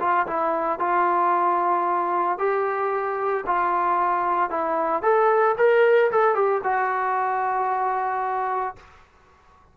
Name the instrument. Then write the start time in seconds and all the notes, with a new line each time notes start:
trombone
0.00 F4
0.27 E4
0.79 F4
2.38 G4
3.47 F4
4.50 E4
5.02 A4
5.58 A#4
6.12 A4
6.35 G4
6.63 F#4